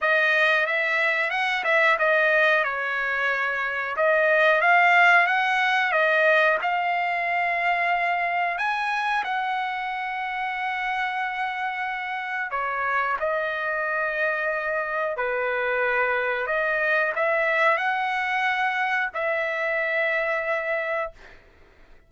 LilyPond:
\new Staff \with { instrumentName = "trumpet" } { \time 4/4 \tempo 4 = 91 dis''4 e''4 fis''8 e''8 dis''4 | cis''2 dis''4 f''4 | fis''4 dis''4 f''2~ | f''4 gis''4 fis''2~ |
fis''2. cis''4 | dis''2. b'4~ | b'4 dis''4 e''4 fis''4~ | fis''4 e''2. | }